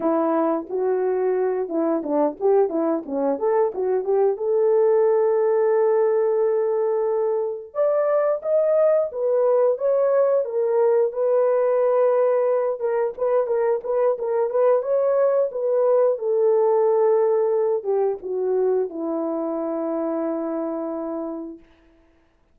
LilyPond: \new Staff \with { instrumentName = "horn" } { \time 4/4 \tempo 4 = 89 e'4 fis'4. e'8 d'8 g'8 | e'8 cis'8 a'8 fis'8 g'8 a'4.~ | a'2.~ a'8 d''8~ | d''8 dis''4 b'4 cis''4 ais'8~ |
ais'8 b'2~ b'8 ais'8 b'8 | ais'8 b'8 ais'8 b'8 cis''4 b'4 | a'2~ a'8 g'8 fis'4 | e'1 | }